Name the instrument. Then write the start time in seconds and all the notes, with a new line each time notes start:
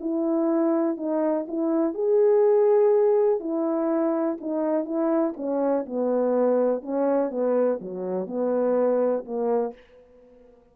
horn
0.00 E4
0.97 D#4
1.48 E4
1.94 G#4
3.40 E4
4.40 D#4
4.85 E4
5.36 C#4
5.86 B3
6.82 C#4
7.30 B3
7.81 F#3
8.27 B3
9.25 A#3